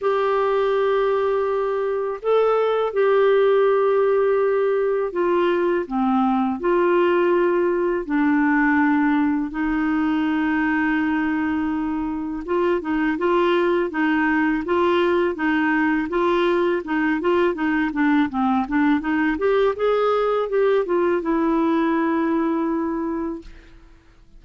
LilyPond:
\new Staff \with { instrumentName = "clarinet" } { \time 4/4 \tempo 4 = 82 g'2. a'4 | g'2. f'4 | c'4 f'2 d'4~ | d'4 dis'2.~ |
dis'4 f'8 dis'8 f'4 dis'4 | f'4 dis'4 f'4 dis'8 f'8 | dis'8 d'8 c'8 d'8 dis'8 g'8 gis'4 | g'8 f'8 e'2. | }